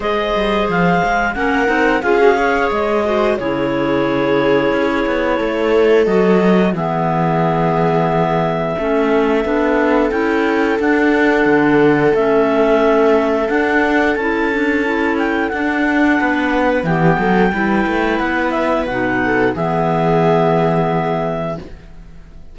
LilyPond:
<<
  \new Staff \with { instrumentName = "clarinet" } { \time 4/4 \tempo 4 = 89 dis''4 f''4 fis''4 f''4 | dis''4 cis''2.~ | cis''4 dis''4 e''2~ | e''2. g''4 |
fis''2 e''2 | fis''4 a''4. g''8 fis''4~ | fis''4 g''2 fis''8 e''8 | fis''4 e''2. | }
  \new Staff \with { instrumentName = "viola" } { \time 4/4 c''2 ais'4 gis'8 cis''8~ | cis''8 c''8 gis'2. | a'2 gis'2~ | gis'4 a'2.~ |
a'1~ | a'1 | b'4 g'8 a'8 b'2~ | b'8 a'8 gis'2. | }
  \new Staff \with { instrumentName = "clarinet" } { \time 4/4 gis'2 cis'8 dis'8 f'16 fis'16 gis'8~ | gis'8 fis'8 e'2.~ | e'4 fis'4 b2~ | b4 cis'4 d'4 e'4 |
d'2 cis'2 | d'4 e'8 d'8 e'4 d'4~ | d'4 b4 e'2 | dis'4 b2. | }
  \new Staff \with { instrumentName = "cello" } { \time 4/4 gis8 g8 f8 gis8 ais8 c'8 cis'4 | gis4 cis2 cis'8 b8 | a4 fis4 e2~ | e4 a4 b4 cis'4 |
d'4 d4 a2 | d'4 cis'2 d'4 | b4 e8 fis8 g8 a8 b4 | b,4 e2. | }
>>